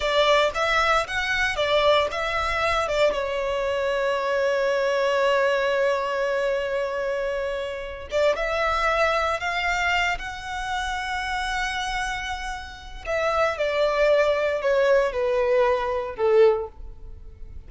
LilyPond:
\new Staff \with { instrumentName = "violin" } { \time 4/4 \tempo 4 = 115 d''4 e''4 fis''4 d''4 | e''4. d''8 cis''2~ | cis''1~ | cis''2.~ cis''8 d''8 |
e''2 f''4. fis''8~ | fis''1~ | fis''4 e''4 d''2 | cis''4 b'2 a'4 | }